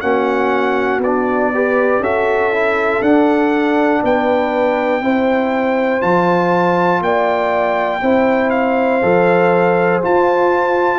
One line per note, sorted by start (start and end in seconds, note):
0.00 0.98 A#3
0.00 1.01 C#4
0.00 1.52 F#4
0.00 1.00 F#5
0.98 1.98 B3
0.98 2.03 D5
1.06 1.54 D4
1.53 2.03 G4
1.53 2.02 B4
1.99 2.99 C#4
1.99 2.52 F#4
1.99 4.02 A4
1.99 3.02 E5
2.52 3.02 E4
3.01 4.01 D4
3.01 5.01 D4
3.01 4.02 F#5
4.03 5.01 B3
4.03 5.01 B4
4.03 6.01 G5
5.01 6.01 C4
5.01 6.01 E4
5.01 7.01 C5
6.01 7.00 F3
6.01 8.01 F4
6.01 7.01 A5
7.00 8.00 A#3
7.00 8.02 D5
7.00 8.50 G5
8.02 9.02 C4
8.02 9.02 E4
8.02 10.99 C5
8.50 10.00 F5
9.02 10.02 F3
9.02 10.02 A4
10.02 10.99 F4
10.02 10.99 A5